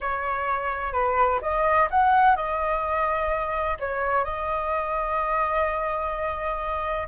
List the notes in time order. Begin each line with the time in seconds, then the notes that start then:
0.01 C#5
0.92 B4
1.41 D#5
1.90 F#5
2.36 D#5
3.79 C#5
4.24 D#5